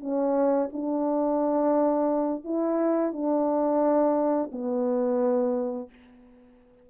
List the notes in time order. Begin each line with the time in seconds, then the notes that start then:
0.00 C#4
0.72 D4
2.44 E4
3.13 D4
4.52 B3